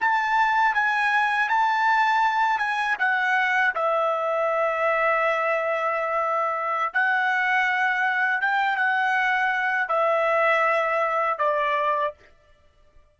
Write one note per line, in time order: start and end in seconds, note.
0.00 0.74 A5
0.74 1.49 G#5
1.49 2.58 A5
2.58 2.96 G#5
2.99 3.74 F#5
3.74 6.93 E5
6.93 8.41 F#5
8.41 8.76 G5
8.76 9.88 F#5
9.88 11.38 E5
11.38 12.13 D5